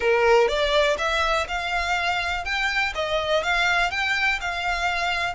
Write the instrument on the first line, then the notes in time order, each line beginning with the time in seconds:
violin
0.00 A#4
0.48 D5
0.98 E5
1.48 F5
2.44 G5
2.94 D#5
3.43 F5
3.90 G5
4.40 F5